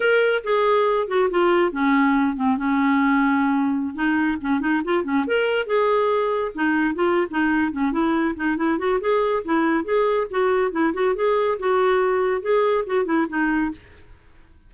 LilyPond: \new Staff \with { instrumentName = "clarinet" } { \time 4/4 \tempo 4 = 140 ais'4 gis'4. fis'8 f'4 | cis'4. c'8 cis'2~ | cis'4~ cis'16 dis'4 cis'8 dis'8 f'8 cis'16~ | cis'16 ais'4 gis'2 dis'8.~ |
dis'16 f'8. dis'4 cis'8 e'4 dis'8 | e'8 fis'8 gis'4 e'4 gis'4 | fis'4 e'8 fis'8 gis'4 fis'4~ | fis'4 gis'4 fis'8 e'8 dis'4 | }